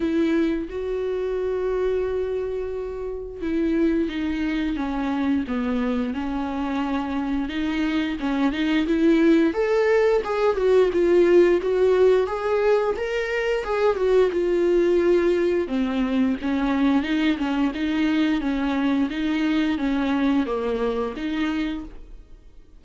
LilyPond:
\new Staff \with { instrumentName = "viola" } { \time 4/4 \tempo 4 = 88 e'4 fis'2.~ | fis'4 e'4 dis'4 cis'4 | b4 cis'2 dis'4 | cis'8 dis'8 e'4 a'4 gis'8 fis'8 |
f'4 fis'4 gis'4 ais'4 | gis'8 fis'8 f'2 c'4 | cis'4 dis'8 cis'8 dis'4 cis'4 | dis'4 cis'4 ais4 dis'4 | }